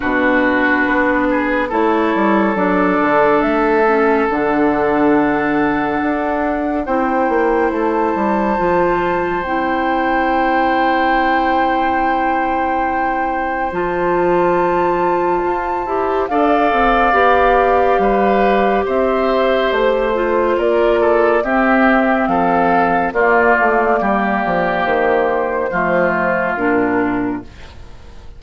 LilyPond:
<<
  \new Staff \with { instrumentName = "flute" } { \time 4/4 \tempo 4 = 70 b'2 cis''4 d''4 | e''4 fis''2. | g''4 a''2 g''4~ | g''1 |
a''2. f''4~ | f''2 e''4 c''4 | d''4 e''4 f''4 d''4~ | d''4 c''2 ais'4 | }
  \new Staff \with { instrumentName = "oboe" } { \time 4/4 fis'4. gis'8 a'2~ | a'1 | c''1~ | c''1~ |
c''2. d''4~ | d''4 b'4 c''2 | ais'8 a'8 g'4 a'4 f'4 | g'2 f'2 | }
  \new Staff \with { instrumentName = "clarinet" } { \time 4/4 d'2 e'4 d'4~ | d'8 cis'8 d'2. | e'2 f'4 e'4~ | e'1 |
f'2~ f'8 g'8 a'4 | g'2.~ g'8 f'8~ | f'4 c'2 ais4~ | ais2 a4 d'4 | }
  \new Staff \with { instrumentName = "bassoon" } { \time 4/4 b,4 b4 a8 g8 fis8 d8 | a4 d2 d'4 | c'8 ais8 a8 g8 f4 c'4~ | c'1 |
f2 f'8 e'8 d'8 c'8 | b4 g4 c'4 a4 | ais4 c'4 f4 ais8 a8 | g8 f8 dis4 f4 ais,4 | }
>>